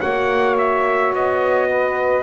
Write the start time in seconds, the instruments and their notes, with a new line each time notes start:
0.00 double bass A#3, horn F#4, saxophone C#5, trumpet F#5
0.58 trumpet E5
1.13 double bass B3, trumpet D#5
1.69 saxophone B4